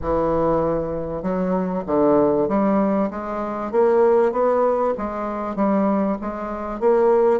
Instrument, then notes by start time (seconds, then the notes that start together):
bassoon
0.01 E3
1.22 F#3
1.86 D3
2.48 G3
3.10 G#3
3.71 A#3
4.32 B3
4.97 G#3
5.55 G3
6.21 G#3
6.80 A#3